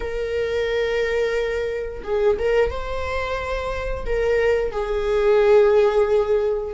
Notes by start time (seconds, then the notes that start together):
0.00 A#4
2.03 G#4
2.38 A#4
2.70 C5
4.05 A#4
4.71 G#4